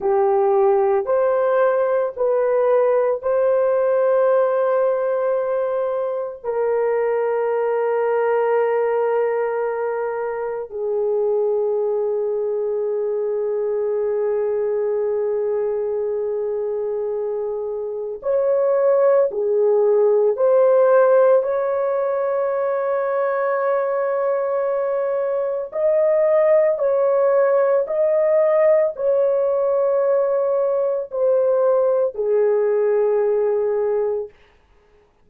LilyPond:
\new Staff \with { instrumentName = "horn" } { \time 4/4 \tempo 4 = 56 g'4 c''4 b'4 c''4~ | c''2 ais'2~ | ais'2 gis'2~ | gis'1~ |
gis'4 cis''4 gis'4 c''4 | cis''1 | dis''4 cis''4 dis''4 cis''4~ | cis''4 c''4 gis'2 | }